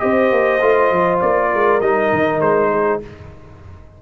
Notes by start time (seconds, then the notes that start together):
0.00 C4 G4 C5 D#5
0.32 A#3
0.62 A3 F4
0.92 F3
1.21 A#3 D5
1.51 G#3 A#4
1.81 G3 D#4 D#5
2.13 D#3
2.41 G#3 C5
2.71 G#4